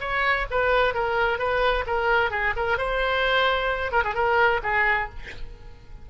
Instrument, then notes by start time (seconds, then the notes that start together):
oboe
0.00 C#5
0.51 B4
0.94 A#4
1.38 B4
1.87 A#4
2.31 G#4
2.56 A#4
2.78 C5
3.92 A#4
4.04 G#4
4.15 A#4
4.63 G#4